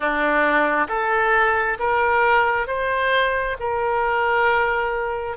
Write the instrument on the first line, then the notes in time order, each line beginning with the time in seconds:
oboe
0.00 D4
0.88 A4
1.79 A#4
2.67 C5
3.59 A#4